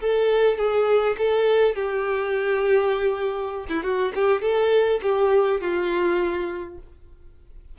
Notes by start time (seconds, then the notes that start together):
0.00 A4
0.57 G#4
1.18 A4
1.75 G4
3.68 E4
3.83 F#4
4.14 G4
4.41 A4
5.02 G4
5.60 F4